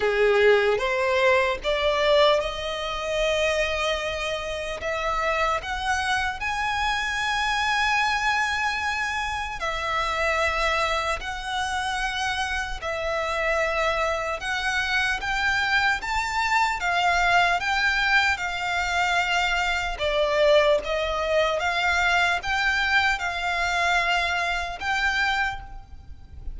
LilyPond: \new Staff \with { instrumentName = "violin" } { \time 4/4 \tempo 4 = 75 gis'4 c''4 d''4 dis''4~ | dis''2 e''4 fis''4 | gis''1 | e''2 fis''2 |
e''2 fis''4 g''4 | a''4 f''4 g''4 f''4~ | f''4 d''4 dis''4 f''4 | g''4 f''2 g''4 | }